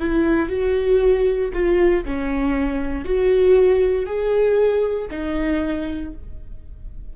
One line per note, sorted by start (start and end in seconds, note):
0.00 0.49 E4
0.49 1.52 F#4
1.54 2.05 F4
2.05 3.05 C#4
3.05 4.06 F#4
4.06 5.09 G#4
5.11 6.14 D#4